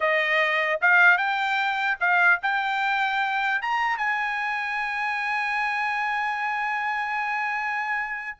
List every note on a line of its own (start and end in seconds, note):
0.00 0.80 D#5
0.81 1.17 F5
1.17 1.97 G5
1.99 2.39 F5
2.42 3.61 G5
3.61 3.97 A#5
3.97 8.37 G#5